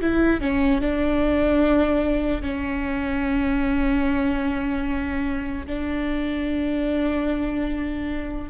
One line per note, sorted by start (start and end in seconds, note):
0.00 0.40 E4
0.40 0.81 C#4
0.81 2.41 D4
2.41 5.66 C#4
5.66 8.50 D4